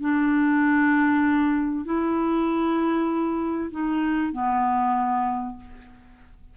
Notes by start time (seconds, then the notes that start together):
0.00 D4
1.85 E4
3.71 D#4
4.32 B3